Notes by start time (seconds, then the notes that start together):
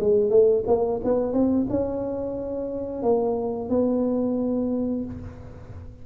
0.00 G#3
0.30 A3
0.67 A#3
1.04 B3
1.33 C4
1.70 C#4
3.02 A#3
3.70 B3